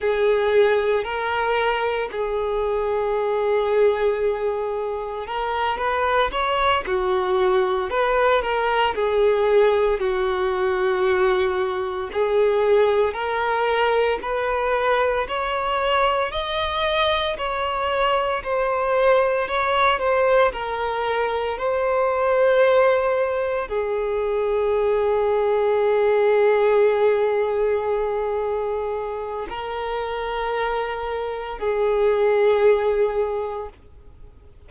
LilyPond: \new Staff \with { instrumentName = "violin" } { \time 4/4 \tempo 4 = 57 gis'4 ais'4 gis'2~ | gis'4 ais'8 b'8 cis''8 fis'4 b'8 | ais'8 gis'4 fis'2 gis'8~ | gis'8 ais'4 b'4 cis''4 dis''8~ |
dis''8 cis''4 c''4 cis''8 c''8 ais'8~ | ais'8 c''2 gis'4.~ | gis'1 | ais'2 gis'2 | }